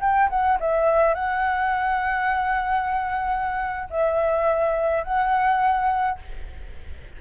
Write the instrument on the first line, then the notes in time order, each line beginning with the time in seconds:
flute
0.00 G5
0.29 F#5
0.60 E5
1.14 F#5
3.89 E5
5.03 F#5